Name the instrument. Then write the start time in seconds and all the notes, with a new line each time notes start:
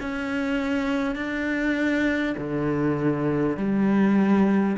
cello
0.00 C#4
1.15 D4
2.37 D3
3.57 G3